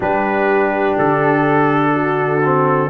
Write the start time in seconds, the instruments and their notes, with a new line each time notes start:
0.00 tuba G3, trombone D4, horn G4, trumpet B4
0.98 tuba D3, trumpet A4
1.93 horn F#4
2.44 trombone C4